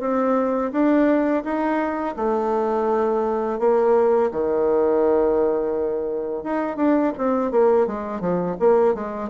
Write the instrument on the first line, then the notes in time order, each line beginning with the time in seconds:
bassoon
0.00 C4
0.72 D4
1.44 D#4
2.16 A3
3.59 A#3
4.31 D#3
6.44 D#4
6.77 D4
7.18 C4
7.51 A#3
7.87 G#3
8.20 F3
8.59 A#3
8.94 G#3